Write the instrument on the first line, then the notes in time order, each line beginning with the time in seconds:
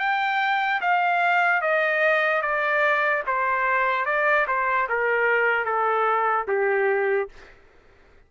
trumpet
0.00 G5
0.81 F5
1.62 D#5
2.42 D5
3.27 C5
4.06 D5
4.48 C5
4.89 A#4
5.65 A4
6.48 G4